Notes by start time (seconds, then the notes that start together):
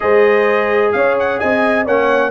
0.00 G#3 G#4 C5 D#5
0.92 C#4 C#5 F5
1.19 F#5
1.39 C4 D#5 G#5
1.85 A#3 C#4 C#5 F#5